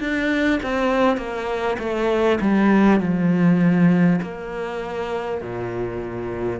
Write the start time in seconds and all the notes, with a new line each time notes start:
0.00 D4
0.62 C4
1.17 A#3
1.78 A3
2.41 G3
2.99 F3
4.22 A#3
5.41 A#2